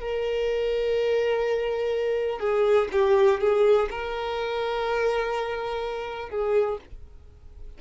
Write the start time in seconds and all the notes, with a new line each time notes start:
0.00 A#4
2.40 G#4
2.92 G4
3.40 G#4
3.90 A#4
6.29 G#4